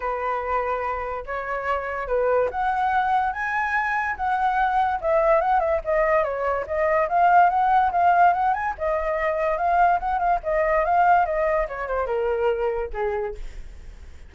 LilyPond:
\new Staff \with { instrumentName = "flute" } { \time 4/4 \tempo 4 = 144 b'2. cis''4~ | cis''4 b'4 fis''2 | gis''2 fis''2 | e''4 fis''8 e''8 dis''4 cis''4 |
dis''4 f''4 fis''4 f''4 | fis''8 gis''8 dis''2 f''4 | fis''8 f''8 dis''4 f''4 dis''4 | cis''8 c''8 ais'2 gis'4 | }